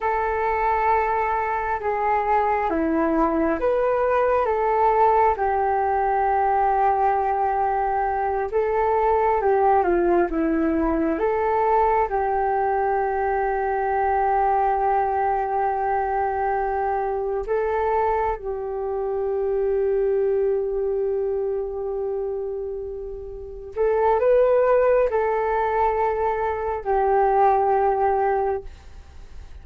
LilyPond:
\new Staff \with { instrumentName = "flute" } { \time 4/4 \tempo 4 = 67 a'2 gis'4 e'4 | b'4 a'4 g'2~ | g'4. a'4 g'8 f'8 e'8~ | e'8 a'4 g'2~ g'8~ |
g'2.~ g'8 a'8~ | a'8 g'2.~ g'8~ | g'2~ g'8 a'8 b'4 | a'2 g'2 | }